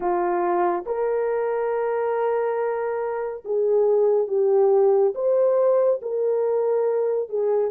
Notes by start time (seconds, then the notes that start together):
0.00 F4
0.86 A#4
3.44 G#4
4.27 G4
5.14 C5
6.02 A#4
7.29 G#4